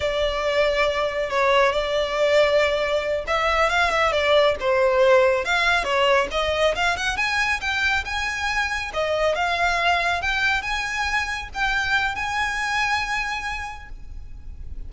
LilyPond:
\new Staff \with { instrumentName = "violin" } { \time 4/4 \tempo 4 = 138 d''2. cis''4 | d''2.~ d''8 e''8~ | e''8 f''8 e''8 d''4 c''4.~ | c''8 f''4 cis''4 dis''4 f''8 |
fis''8 gis''4 g''4 gis''4.~ | gis''8 dis''4 f''2 g''8~ | g''8 gis''2 g''4. | gis''1 | }